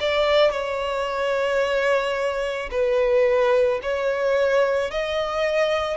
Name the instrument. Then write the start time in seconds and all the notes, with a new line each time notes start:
violin
0.00 D5
0.52 C#5
2.71 B4
3.83 C#5
4.91 D#5